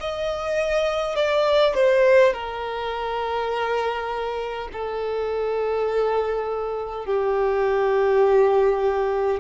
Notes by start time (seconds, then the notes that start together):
0.00 D#5
1.16 D5
1.74 C5
2.33 A#4
4.73 A4
7.05 G4